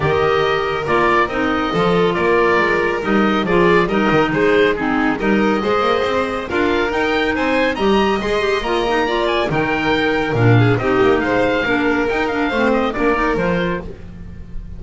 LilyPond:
<<
  \new Staff \with { instrumentName = "oboe" } { \time 4/4 \tempo 4 = 139 dis''2 d''4 dis''4~ | dis''4 d''2 dis''4 | d''4 dis''4 c''4 gis'4 | dis''2. f''4 |
g''4 gis''4 ais''4 c'''4 | ais''4. gis''8 g''2 | f''4 dis''4 f''2 | g''8 f''4 dis''8 d''4 c''4 | }
  \new Staff \with { instrumentName = "violin" } { \time 4/4 ais'1 | a'4 ais'2. | gis'4 ais'4 gis'4 dis'4 | ais'4 c''2 ais'4~ |
ais'4 c''4 dis''2~ | dis''4 d''4 ais'2~ | ais'8 gis'8 g'4 c''4 ais'4~ | ais'4 c''4 ais'2 | }
  \new Staff \with { instrumentName = "clarinet" } { \time 4/4 g'2 f'4 dis'4 | f'2. dis'4 | f'4 dis'2 c'4 | dis'4 gis'2 f'4 |
dis'2 g'4 gis'8 g'8 | f'8 dis'8 f'4 dis'2 | d'4 dis'2 d'4 | dis'8 d'8 c'4 d'8 dis'8 f'4 | }
  \new Staff \with { instrumentName = "double bass" } { \time 4/4 dis2 ais4 c'4 | f4 ais4 gis4 g4 | f4 g8 dis8 gis2 | g4 gis8 ais8 c'4 d'4 |
dis'4 c'4 g4 gis4 | ais2 dis2 | ais,4 c'8 ais8 gis4 ais4 | dis'4 a4 ais4 f4 | }
>>